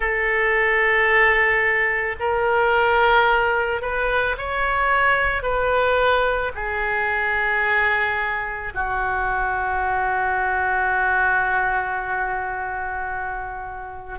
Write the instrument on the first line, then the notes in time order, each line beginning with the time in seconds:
oboe
0.00 A4
2.19 A#4
3.81 B4
4.37 C#5
5.42 B4
6.55 G#4
8.74 F#4